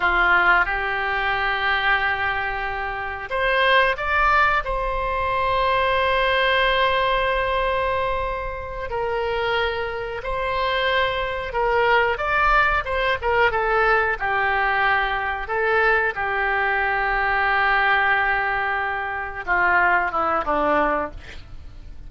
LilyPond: \new Staff \with { instrumentName = "oboe" } { \time 4/4 \tempo 4 = 91 f'4 g'2.~ | g'4 c''4 d''4 c''4~ | c''1~ | c''4. ais'2 c''8~ |
c''4. ais'4 d''4 c''8 | ais'8 a'4 g'2 a'8~ | a'8 g'2.~ g'8~ | g'4. f'4 e'8 d'4 | }